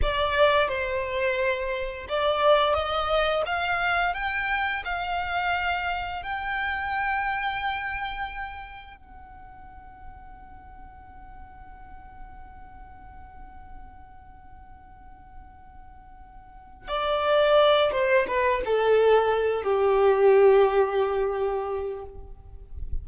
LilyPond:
\new Staff \with { instrumentName = "violin" } { \time 4/4 \tempo 4 = 87 d''4 c''2 d''4 | dis''4 f''4 g''4 f''4~ | f''4 g''2.~ | g''4 fis''2.~ |
fis''1~ | fis''1~ | fis''8 d''4. c''8 b'8 a'4~ | a'8 g'2.~ g'8 | }